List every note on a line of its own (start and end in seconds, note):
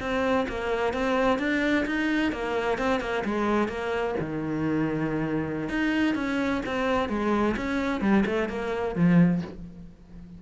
0.00 0.47 C4
0.49 0.93 A#3
0.93 1.39 C4
1.39 1.85 D4
1.86 2.32 D#4
2.32 2.78 A#3
2.78 3.00 C4
3.00 3.23 A#3
3.24 3.68 G#3
3.68 4.15 A#3
4.19 5.69 D#3
5.69 6.15 D#4
6.15 6.62 C#4
6.66 7.09 C4
7.09 7.55 G#3
7.56 8.01 C#4
8.01 8.24 G3
8.26 8.49 A3
8.49 8.95 A#3
8.95 9.42 F3